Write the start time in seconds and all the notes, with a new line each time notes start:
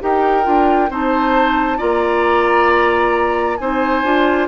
0.00 D#4 G4 A#4 G5
0.43 D4 F4
0.90 C4 D#4 C5 A5
1.78 A#3 F4 D5 A#5
3.57 C4 D#4 C5 G#5
4.04 D4 F4